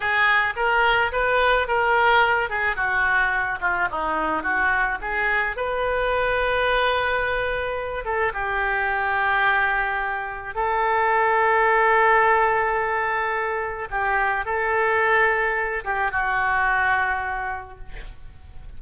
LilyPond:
\new Staff \with { instrumentName = "oboe" } { \time 4/4 \tempo 4 = 108 gis'4 ais'4 b'4 ais'4~ | ais'8 gis'8 fis'4. f'8 dis'4 | fis'4 gis'4 b'2~ | b'2~ b'8 a'8 g'4~ |
g'2. a'4~ | a'1~ | a'4 g'4 a'2~ | a'8 g'8 fis'2. | }